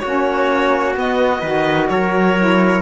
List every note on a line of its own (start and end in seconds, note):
0.00 0.97 A#3
0.00 0.96 C#4
0.00 1.41 F#4
0.00 0.94 C#5
0.96 1.42 B3
0.96 1.43 B3
0.96 1.89 D#5
1.41 1.89 D#3
1.41 2.38 F#4
1.41 1.88 B4
1.89 2.82 F#3
1.89 2.82 A#4
1.89 2.82 C#5
2.38 2.82 E4